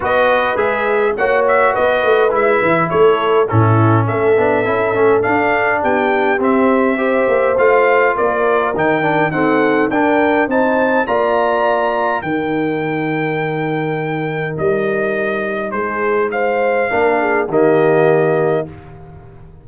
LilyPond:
<<
  \new Staff \with { instrumentName = "trumpet" } { \time 4/4 \tempo 4 = 103 dis''4 e''4 fis''8 e''8 dis''4 | e''4 cis''4 a'4 e''4~ | e''4 f''4 g''4 e''4~ | e''4 f''4 d''4 g''4 |
fis''4 g''4 a''4 ais''4~ | ais''4 g''2.~ | g''4 dis''2 c''4 | f''2 dis''2 | }
  \new Staff \with { instrumentName = "horn" } { \time 4/4 b'2 cis''4 b'4~ | b'4 a'4 e'4 a'4~ | a'2 g'2 | c''2 ais'2 |
a'4 ais'4 c''4 d''4~ | d''4 ais'2.~ | ais'2. gis'4 | c''4 ais'8 gis'8 g'2 | }
  \new Staff \with { instrumentName = "trombone" } { \time 4/4 fis'4 gis'4 fis'2 | e'2 cis'4. d'8 | e'8 cis'8 d'2 c'4 | g'4 f'2 dis'8 d'8 |
c'4 d'4 dis'4 f'4~ | f'4 dis'2.~ | dis'1~ | dis'4 d'4 ais2 | }
  \new Staff \with { instrumentName = "tuba" } { \time 4/4 b4 gis4 ais4 b8 a8 | gis8 e8 a4 a,4 a8 b8 | cis'8 a8 d'4 b4 c'4~ | c'8 ais8 a4 ais4 dis4 |
dis'4 d'4 c'4 ais4~ | ais4 dis2.~ | dis4 g2 gis4~ | gis4 ais4 dis2 | }
>>